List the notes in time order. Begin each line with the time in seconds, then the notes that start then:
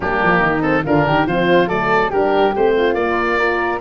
0.00 G3 A#3 D4 G4
0.22 F3
0.39 D#3 D#4
0.61 C4 A4
0.84 D3 D4 F4 A#4
1.06 D#3 G4
1.26 F3 C4 F4 C5
1.68 F#3 A3 A4 D5
2.10 G3 D4 G4 A#4
2.56 A3 C4 C5
2.76 F4
2.93 A#3 D5
3.38 F4 A#4